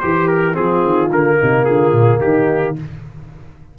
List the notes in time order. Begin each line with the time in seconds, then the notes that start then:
0.00 E3 G4 C5
0.28 A#4
0.53 F3 C4 F4 G#4
0.84 D#3
1.10 D3 A#3 A#4
1.38 C3 D#4
1.65 D3 F4 G#4
1.92 A#2
2.19 D#3 D#4 G4